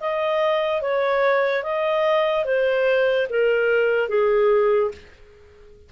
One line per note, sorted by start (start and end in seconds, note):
0.00 0.81 D#5
0.81 1.63 C#5
1.63 2.45 D#5
2.45 3.27 C5
3.30 4.09 A#4
4.09 4.91 G#4